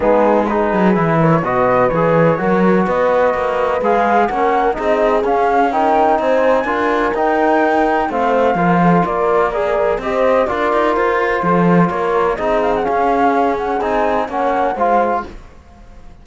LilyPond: <<
  \new Staff \with { instrumentName = "flute" } { \time 4/4 \tempo 4 = 126 gis'4 b'4. cis''8 dis''4 | cis''2 dis''2 | f''4 fis''4 dis''4 f''4 | g''4 gis''2 g''4~ |
g''4 f''2 d''4 | ais'4 dis''4 d''4 c''4~ | c''4 cis''4 dis''8 f''16 fis''16 f''4~ | f''8 fis''8 gis''4 fis''4 f''4 | }
  \new Staff \with { instrumentName = "horn" } { \time 4/4 dis'4 gis'4. ais'8 b'4~ | b'4 ais'4 b'2~ | b'4 ais'4 gis'2 | ais'4 c''4 ais'2~ |
ais'4 c''4 ais'8 a'8 ais'4 | d''4 c''4 ais'2 | a'4 ais'4 gis'2~ | gis'2 cis''4 c''4 | }
  \new Staff \with { instrumentName = "trombone" } { \time 4/4 b4 dis'4 e'4 fis'4 | gis'4 fis'2. | gis'4 cis'4 dis'4 cis'4 | dis'2 f'4 dis'4~ |
dis'4 c'4 f'2 | gis'4 g'4 f'2~ | f'2 dis'4 cis'4~ | cis'4 dis'4 cis'4 f'4 | }
  \new Staff \with { instrumentName = "cello" } { \time 4/4 gis4. fis8 e4 b,4 | e4 fis4 b4 ais4 | gis4 ais4 c'4 cis'4~ | cis'4 c'4 d'4 dis'4~ |
dis'4 a4 f4 ais4~ | ais4 c'4 d'8 dis'8 f'4 | f4 ais4 c'4 cis'4~ | cis'4 c'4 ais4 gis4 | }
>>